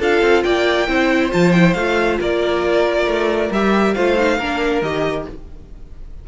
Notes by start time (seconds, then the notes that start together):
0.00 D4 F4 A4 F5
0.22 C4
0.44 A#3 D5 G5
0.88 C4 E4 C5
1.30 F3 F4 A5
1.52 E4 G5
1.74 A3 F4 F5
2.21 A#3 A#4 D5
3.06 A3
3.51 G3 G4 E5
3.95 A3 F4 C5 F5
4.17 D#4
4.38 A#3 D4 A#4
4.82 D#3 G4 D#5